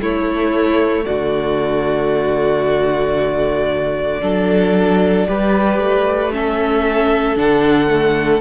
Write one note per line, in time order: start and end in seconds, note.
0.00 1.05 A3
0.00 4.22 A3
0.00 1.06 E4
0.00 1.06 C#5
1.06 4.22 D3
1.06 4.21 F#4
1.06 6.32 D5
4.22 5.27 F#3
4.22 5.27 D4
4.22 5.28 A4
5.27 5.79 G3
5.27 6.32 G4
5.27 6.33 B4
5.79 7.36 A3
6.32 7.36 C#4
6.32 8.41 A4
6.32 7.38 E5
7.36 8.41 D3
7.36 7.88 D4
7.36 8.41 F#5
7.88 8.40 A3